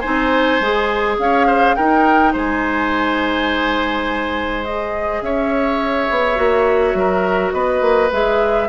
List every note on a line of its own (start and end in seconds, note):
0.00 0.61 D#4
0.00 1.15 C5
0.00 1.15 G#5
0.06 0.60 C4
0.60 1.18 G#3
0.60 1.77 G#4
1.18 1.75 C#4
1.18 1.46 C#5
1.18 1.75 F5
1.46 1.75 C5
1.75 2.34 D#4
1.75 4.64 D#4
1.75 2.32 A#4
1.75 2.33 G5
2.32 5.21 G#3
2.32 5.21 C5
2.32 4.64 G#5
4.64 6.35 G#4
4.64 5.22 D#5
5.21 6.08 C#4
5.21 6.98 C#5
5.21 7.52 E5
6.10 6.38 B3
6.35 6.94 A#3
6.35 8.08 F#4
6.94 7.52 F#3
6.94 7.53 A#4
7.52 7.81 B3
7.52 8.68 B4
7.52 8.10 D#5
7.81 8.09 A#3
8.12 8.68 G#3
8.12 8.68 G#4
8.12 8.68 E5